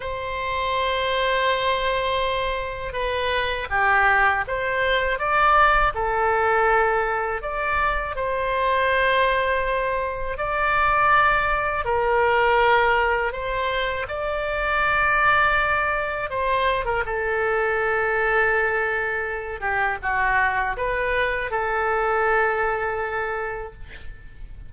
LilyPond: \new Staff \with { instrumentName = "oboe" } { \time 4/4 \tempo 4 = 81 c''1 | b'4 g'4 c''4 d''4 | a'2 d''4 c''4~ | c''2 d''2 |
ais'2 c''4 d''4~ | d''2 c''8. ais'16 a'4~ | a'2~ a'8 g'8 fis'4 | b'4 a'2. | }